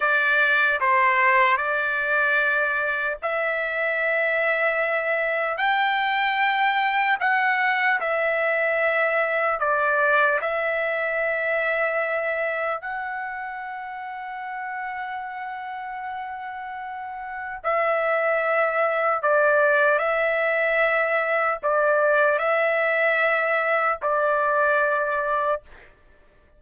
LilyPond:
\new Staff \with { instrumentName = "trumpet" } { \time 4/4 \tempo 4 = 75 d''4 c''4 d''2 | e''2. g''4~ | g''4 fis''4 e''2 | d''4 e''2. |
fis''1~ | fis''2 e''2 | d''4 e''2 d''4 | e''2 d''2 | }